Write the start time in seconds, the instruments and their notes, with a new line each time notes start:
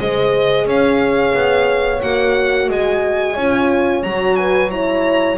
0.00 double bass G#3, horn G#4 C5, violin D#5
0.66 double bass C#4, horn C#5, violin F5
1.34 double bass B3
2.01 double bass A#3, horn F#4, violin F#5
2.69 double bass G#3, horn D#5, violin G#5
3.34 double bass C#4, horn F4 C#5
4.03 double bass F#3, horn F#4, violin A#5
4.36 horn B4, violin G#5
4.71 horn E4 C#5, violin A#5